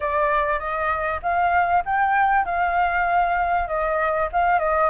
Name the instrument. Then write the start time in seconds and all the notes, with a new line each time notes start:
flute
0.00 D5
0.59 D#5
1.22 F5
1.85 G5
2.45 F5
3.67 D#5
4.32 F5
4.59 D#5